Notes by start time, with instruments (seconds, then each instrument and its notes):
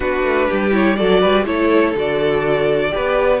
0.00 cello B3, viola D4, violin F#4 B4
0.23 cello A3
0.47 cello G3, violin G4
0.71 viola E4, violin C#5
0.96 cello F#3, viola F#4, violin A4 D5
1.20 cello G3, violin B4
1.45 cello A3, viola E4, violin A4 C#5
1.94 cello D3, viola F#4, violin D5
2.90 viola G4, violin B4
2.96 cello B3